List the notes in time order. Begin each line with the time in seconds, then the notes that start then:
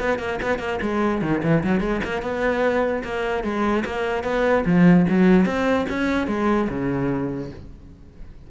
0.00 B3
0.19 A#3
0.42 B3
0.59 A#3
0.82 G#3
1.22 D#3
1.43 E3
1.64 F#3
1.81 G#3
2.04 A#3
2.22 B3
3.04 A#3
3.44 G#3
3.86 A#3
4.24 B3
4.66 F3
5.10 F#3
5.46 C4
5.89 C#4
6.28 G#3
6.70 C#3